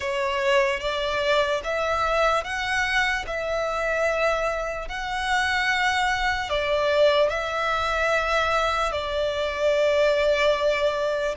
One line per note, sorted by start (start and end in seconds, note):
0.00 0.80 C#5
0.80 1.61 D5
1.64 2.44 E5
2.44 3.25 F#5
3.27 4.88 E5
4.88 6.49 F#5
6.49 7.29 D5
7.29 8.92 E5
8.92 11.35 D5